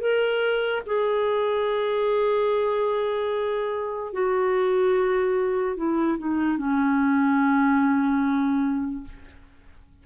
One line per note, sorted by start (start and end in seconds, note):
0.00 0.82 A#4
0.86 4.13 G#4
4.13 5.76 F#4
5.76 6.18 E4
6.19 6.58 D#4
6.58 9.04 C#4